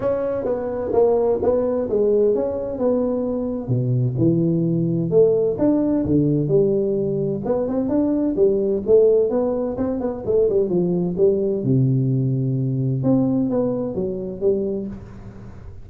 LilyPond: \new Staff \with { instrumentName = "tuba" } { \time 4/4 \tempo 4 = 129 cis'4 b4 ais4 b4 | gis4 cis'4 b2 | b,4 e2 a4 | d'4 d4 g2 |
b8 c'8 d'4 g4 a4 | b4 c'8 b8 a8 g8 f4 | g4 c2. | c'4 b4 fis4 g4 | }